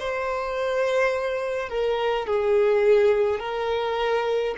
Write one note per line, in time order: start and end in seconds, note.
0.00 1.69 C5
1.69 2.27 A#4
2.27 3.40 G#4
3.40 4.55 A#4